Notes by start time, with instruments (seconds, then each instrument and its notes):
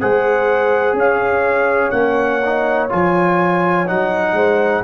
0.00 tuba G#3, trombone G#4, horn C5, trumpet F#5
0.94 tuba C#4, horn C#5, trumpet F5
1.91 tuba A#3, trombone C#4, trumpet F#5
2.45 trombone D#4
2.90 tuba F3, trombone F4, trumpet G#5
3.87 tuba F#3, trombone D#4, trumpet F#5
4.33 tuba G#3, horn C5